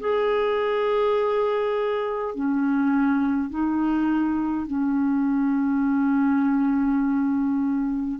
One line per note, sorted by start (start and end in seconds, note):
0.00 2.34 G#4
2.34 3.50 C#4
3.50 4.67 D#4
4.67 8.19 C#4